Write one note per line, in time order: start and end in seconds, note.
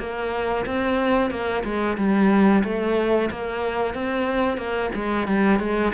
0.00 0.66 A#3
0.67 1.31 C4
1.31 1.64 A#3
1.65 1.98 G#3
1.98 2.64 G3
2.64 3.30 A3
3.31 3.95 A#3
3.95 4.58 C4
4.58 4.91 A#3
4.95 5.28 G#3
5.28 5.60 G3
5.60 5.93 G#3